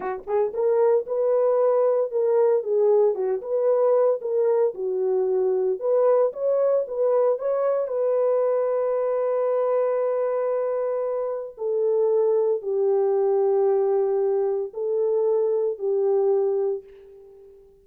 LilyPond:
\new Staff \with { instrumentName = "horn" } { \time 4/4 \tempo 4 = 114 fis'8 gis'8 ais'4 b'2 | ais'4 gis'4 fis'8 b'4. | ais'4 fis'2 b'4 | cis''4 b'4 cis''4 b'4~ |
b'1~ | b'2 a'2 | g'1 | a'2 g'2 | }